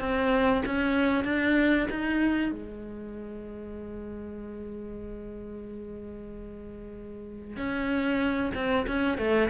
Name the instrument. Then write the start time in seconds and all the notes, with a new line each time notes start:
cello
0.00 C4
0.66 C#4
1.25 D4
1.91 D#4
2.52 G#3
7.57 C#4
8.55 C4
8.87 C#4
9.18 A3